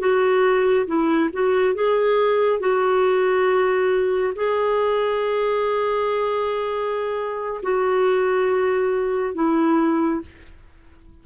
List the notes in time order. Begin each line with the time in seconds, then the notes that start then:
0.00 F#4
0.87 E4
1.33 F#4
1.75 G#4
2.60 F#4
4.36 G#4
7.63 F#4
9.35 E4